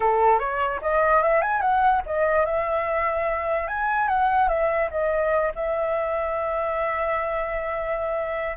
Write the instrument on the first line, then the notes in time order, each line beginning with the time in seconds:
flute
0.00 A4
0.39 C#5
0.81 D#5
1.22 E5
1.41 G#5
1.61 F#5
2.06 D#5
2.45 E5
3.67 G#5
4.08 F#5
4.48 E5
4.91 D#5
5.55 E5